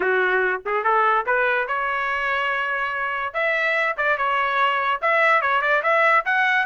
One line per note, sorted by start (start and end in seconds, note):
0.00 0.61 F#4
0.65 0.84 G#4
0.84 1.25 A4
1.25 1.67 B4
1.67 3.33 C#5
3.33 3.96 E5
3.97 4.17 D5
4.17 5.00 C#5
5.01 5.41 E5
5.41 5.61 C#5
5.61 5.82 D5
5.82 6.24 E5
6.25 6.66 F#5